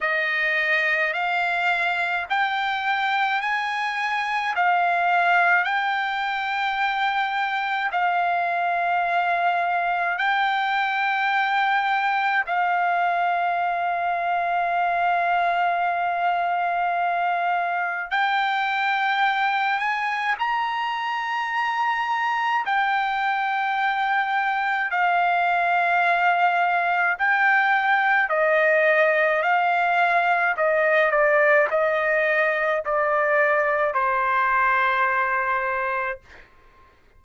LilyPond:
\new Staff \with { instrumentName = "trumpet" } { \time 4/4 \tempo 4 = 53 dis''4 f''4 g''4 gis''4 | f''4 g''2 f''4~ | f''4 g''2 f''4~ | f''1 |
g''4. gis''8 ais''2 | g''2 f''2 | g''4 dis''4 f''4 dis''8 d''8 | dis''4 d''4 c''2 | }